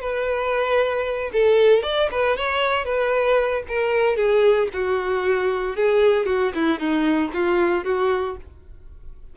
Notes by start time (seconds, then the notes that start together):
0.00 B4
1.33 A4
1.83 D5
2.11 B4
2.37 C#5
2.84 B4
3.68 A#4
4.16 G#4
4.73 F#4
5.76 G#4
6.26 F#4
6.55 E4
6.79 D#4
7.33 F4
7.84 F#4